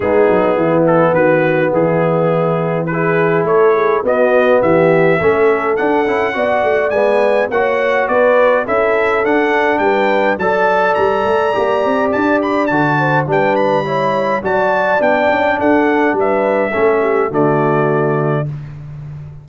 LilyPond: <<
  \new Staff \with { instrumentName = "trumpet" } { \time 4/4 \tempo 4 = 104 gis'4. a'8 b'4 gis'4~ | gis'4 b'4 cis''4 dis''4 | e''2 fis''2 | gis''4 fis''4 d''4 e''4 |
fis''4 g''4 a''4 ais''4~ | ais''4 a''8 b''8 a''4 g''8 b''8~ | b''4 a''4 g''4 fis''4 | e''2 d''2 | }
  \new Staff \with { instrumentName = "horn" } { \time 4/4 dis'4 e'4 fis'4 e'4~ | e'4 gis'4 a'8 gis'8 fis'4 | g'4 a'2 d''4~ | d''4 cis''4 b'4 a'4~ |
a'4 b'4 d''2~ | d''2~ d''8 c''8 b'4 | cis''4 d''2 a'4 | b'4 a'8 g'8 fis'2 | }
  \new Staff \with { instrumentName = "trombone" } { \time 4/4 b1~ | b4 e'2 b4~ | b4 cis'4 d'8 e'8 fis'4 | b4 fis'2 e'4 |
d'2 a'2 | g'2 fis'4 d'4 | e'4 fis'4 d'2~ | d'4 cis'4 a2 | }
  \new Staff \with { instrumentName = "tuba" } { \time 4/4 gis8 fis8 e4 dis4 e4~ | e2 a4 b4 | e4 a4 d'8 cis'8 b8 a8 | gis4 ais4 b4 cis'4 |
d'4 g4 fis4 g8 a8 | ais8 c'8 d'4 d4 g4~ | g4 fis4 b8 cis'8 d'4 | g4 a4 d2 | }
>>